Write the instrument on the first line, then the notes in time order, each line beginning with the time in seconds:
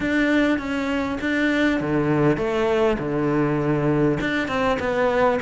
cello
0.00 D4
0.58 C#4
1.20 D4
1.80 D3
2.37 A3
2.98 D3
4.20 D4
4.48 C4
4.79 B3